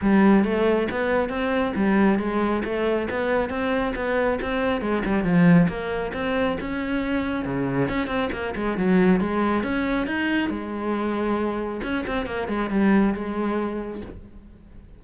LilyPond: \new Staff \with { instrumentName = "cello" } { \time 4/4 \tempo 4 = 137 g4 a4 b4 c'4 | g4 gis4 a4 b4 | c'4 b4 c'4 gis8 g8 | f4 ais4 c'4 cis'4~ |
cis'4 cis4 cis'8 c'8 ais8 gis8 | fis4 gis4 cis'4 dis'4 | gis2. cis'8 c'8 | ais8 gis8 g4 gis2 | }